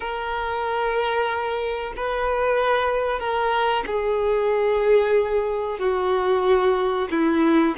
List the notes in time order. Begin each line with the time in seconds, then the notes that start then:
0.00 A#4
1.96 B4
3.19 A#4
3.86 G#4
5.79 F#4
7.10 E4